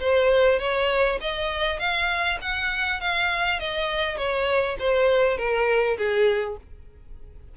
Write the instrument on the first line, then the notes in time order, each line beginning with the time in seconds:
violin
0.00 C5
0.59 C#5
1.20 D#5
1.79 F5
2.41 F#5
3.00 F5
3.59 D#5
4.17 C#5
4.79 C5
5.37 A#4
5.97 G#4